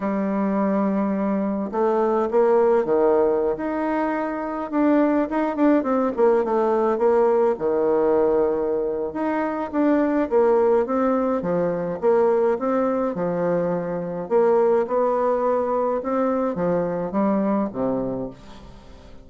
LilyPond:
\new Staff \with { instrumentName = "bassoon" } { \time 4/4 \tempo 4 = 105 g2. a4 | ais4 dis4~ dis16 dis'4.~ dis'16~ | dis'16 d'4 dis'8 d'8 c'8 ais8 a8.~ | a16 ais4 dis2~ dis8. |
dis'4 d'4 ais4 c'4 | f4 ais4 c'4 f4~ | f4 ais4 b2 | c'4 f4 g4 c4 | }